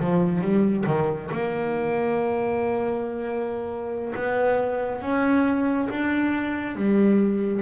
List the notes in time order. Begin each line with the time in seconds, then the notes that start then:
0.00 F3
0.41 G3
0.86 D#3
1.31 A#3
4.15 B3
5.01 C#4
5.90 D4
6.75 G3